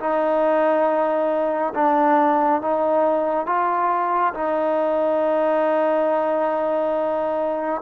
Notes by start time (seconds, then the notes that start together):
0.00 D#4
1.75 D4
2.62 D#4
3.47 F4
4.34 D#4